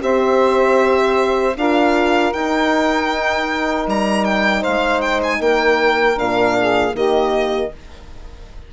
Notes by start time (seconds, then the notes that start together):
0.00 C4 G4 C5 E5
1.56 D4 F4 A#4 F5
2.33 D#4 G5
3.87 G3 A#5
4.24 G5
4.61 C5 F5
4.67 G#3
5.01 G5
5.23 G#5
5.40 A#3 A#4 G5
6.15 A#2 D4 F5
6.59 G#4
6.94 D#3 A#3 G4 D#5